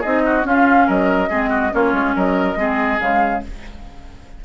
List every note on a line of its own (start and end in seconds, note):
0.00 0.44 C4
0.00 0.42 D#4
0.00 0.21 G#4
0.00 0.45 D#5
0.25 0.46 F#4
0.42 1.27 C#4
0.42 0.87 C#4
0.42 0.86 F4
0.42 0.88 F5
0.86 1.30 F#3
0.86 1.29 A#4
0.86 1.73 D#5
1.29 1.72 G#3
1.29 1.70 C4
1.29 1.49 G#4
1.49 1.70 F#4
1.70 1.93 A#3
1.70 2.55 C#4
1.70 2.15 F4
1.70 2.16 C#5
1.93 2.14 G#3
2.15 2.55 F#3
2.15 2.58 A#4
2.15 3.00 D#5
2.55 2.98 G#3
2.55 2.99 C4
2.55 3.44 G#4
2.99 3.42 C#3
2.99 3.42 G#3
2.99 3.43 F5